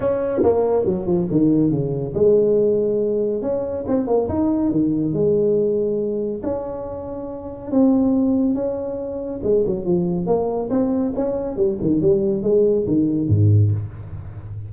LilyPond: \new Staff \with { instrumentName = "tuba" } { \time 4/4 \tempo 4 = 140 cis'4 ais4 fis8 f8 dis4 | cis4 gis2. | cis'4 c'8 ais8 dis'4 dis4 | gis2. cis'4~ |
cis'2 c'2 | cis'2 gis8 fis8 f4 | ais4 c'4 cis'4 g8 dis8 | g4 gis4 dis4 gis,4 | }